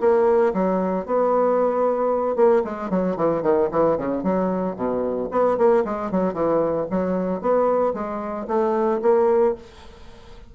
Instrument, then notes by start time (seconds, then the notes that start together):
bassoon
0.00 A#3
0.53 F#3
1.06 B3
2.36 A#3
2.64 G#3
2.90 F#3
3.16 E3
3.42 D#3
3.71 E3
3.98 C#3
4.23 F#3
4.76 B2
5.31 B3
5.57 A#3
5.84 G#3
6.11 F#3
6.34 E3
6.90 F#3
7.41 B3
7.94 G#3
8.48 A3
9.02 A#3